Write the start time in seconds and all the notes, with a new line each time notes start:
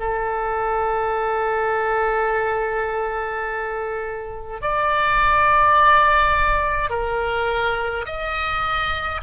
0.00 A4
4.62 D5
6.90 A#4
8.06 D#5